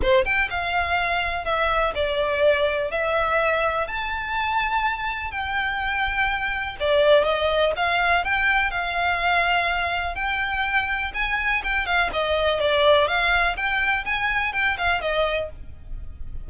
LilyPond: \new Staff \with { instrumentName = "violin" } { \time 4/4 \tempo 4 = 124 c''8 g''8 f''2 e''4 | d''2 e''2 | a''2. g''4~ | g''2 d''4 dis''4 |
f''4 g''4 f''2~ | f''4 g''2 gis''4 | g''8 f''8 dis''4 d''4 f''4 | g''4 gis''4 g''8 f''8 dis''4 | }